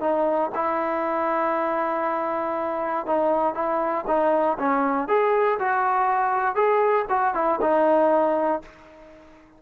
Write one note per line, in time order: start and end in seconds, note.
0.00 0.50 D#4
0.55 3.06 E4
3.06 3.54 D#4
3.54 4.05 E4
4.07 4.57 D#4
4.59 5.08 C#4
5.08 5.58 G#4
5.59 6.55 F#4
6.55 7.05 G#4
7.09 7.34 F#4
7.34 7.60 E4
7.61 8.62 D#4